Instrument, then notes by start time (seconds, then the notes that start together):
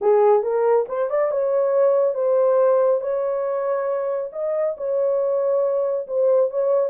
horn
0.01 G#4
0.42 A#4
0.88 C5
1.09 D5
1.31 C#5
2.14 C5
3.01 C#5
4.32 D#5
4.77 C#5
6.07 C5
6.50 C#5